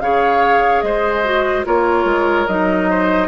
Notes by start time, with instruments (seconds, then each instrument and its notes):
0.00 bassoon C#3, clarinet G#4, oboe C#5, flute F5
0.82 bassoon G#3, oboe C5, flute D#5
1.24 clarinet F#4
1.65 bassoon A#3, clarinet F4, oboe A#4, flute C#5
2.05 bassoon G#3
2.47 bassoon F#3, clarinet D#4, flute D#5
2.90 oboe C5